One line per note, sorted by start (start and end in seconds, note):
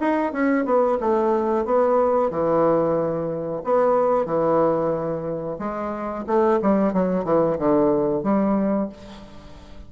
0.00 0.32 D#4
0.32 0.65 C#4
0.65 0.98 B3
1.00 1.65 A3
1.65 2.30 B3
2.30 3.62 E3
3.64 4.25 B3
4.25 5.57 E3
5.59 6.25 G#3
6.27 6.60 A3
6.62 6.93 G3
6.93 7.24 F#3
7.24 7.57 E3
7.58 8.23 D3
8.23 8.89 G3